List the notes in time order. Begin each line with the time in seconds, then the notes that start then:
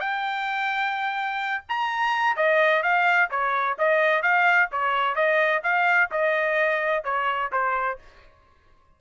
0.00 G5
1.69 A#5
2.37 D#5
2.83 F5
3.30 C#5
3.78 D#5
4.22 F5
4.72 C#5
5.15 D#5
5.63 F5
6.11 D#5
7.04 C#5
7.52 C5